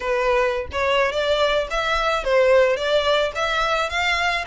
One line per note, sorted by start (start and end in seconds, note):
0.00 0.67 B4
0.71 1.12 C#5
1.12 1.67 D5
1.70 2.23 E5
2.23 2.76 C5
2.76 3.32 D5
3.35 3.89 E5
3.89 4.44 F5